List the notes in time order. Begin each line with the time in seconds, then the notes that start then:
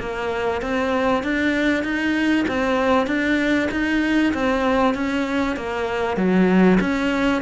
0.00 A#3
0.62 C4
1.24 D4
1.84 D#4
2.49 C4
3.07 D4
3.71 D#4
4.34 C4
4.95 C#4
5.57 A#3
6.17 F#3
6.81 C#4